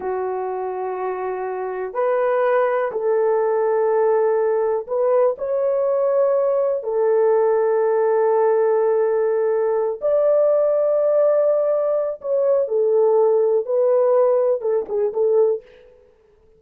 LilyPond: \new Staff \with { instrumentName = "horn" } { \time 4/4 \tempo 4 = 123 fis'1 | b'2 a'2~ | a'2 b'4 cis''4~ | cis''2 a'2~ |
a'1~ | a'8 d''2.~ d''8~ | d''4 cis''4 a'2 | b'2 a'8 gis'8 a'4 | }